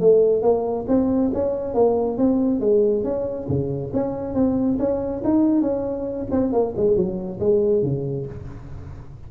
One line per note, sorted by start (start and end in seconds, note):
0.00 0.42 A3
0.42 0.85 A#3
0.88 1.31 C4
1.33 1.74 C#4
1.74 2.18 A#3
2.18 2.60 C4
2.60 3.04 G#3
3.04 3.47 C#4
3.48 3.92 C#3
3.93 4.34 C#4
4.34 4.77 C4
4.79 5.22 C#4
5.24 5.61 D#4
5.61 6.26 C#4
6.31 6.52 C4
6.52 6.74 A#3
6.76 6.96 G#3
6.96 7.39 F#3
7.40 7.82 G#3
7.82 8.26 C#3